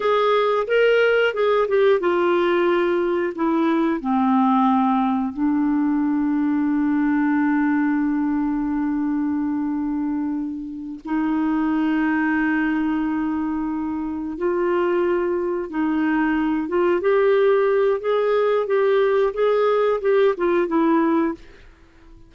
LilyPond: \new Staff \with { instrumentName = "clarinet" } { \time 4/4 \tempo 4 = 90 gis'4 ais'4 gis'8 g'8 f'4~ | f'4 e'4 c'2 | d'1~ | d'1~ |
d'8 dis'2.~ dis'8~ | dis'4. f'2 dis'8~ | dis'4 f'8 g'4. gis'4 | g'4 gis'4 g'8 f'8 e'4 | }